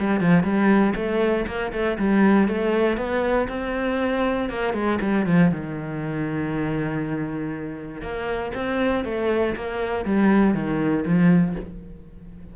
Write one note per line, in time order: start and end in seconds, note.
0.00 0.21 G3
0.21 0.44 F3
0.44 0.94 G3
0.96 1.46 A3
1.47 1.72 A#3
1.72 1.98 A3
1.99 2.48 G3
2.48 2.97 A3
2.97 3.48 B3
3.49 4.50 C4
4.50 4.74 A#3
4.74 4.99 G#3
5.01 5.26 G3
5.26 5.51 F3
5.51 8.02 D#3
8.02 8.52 A#3
8.55 9.05 C4
9.05 9.55 A3
9.56 10.05 A#3
10.05 10.54 G3
10.54 11.05 D#3
11.06 11.56 F3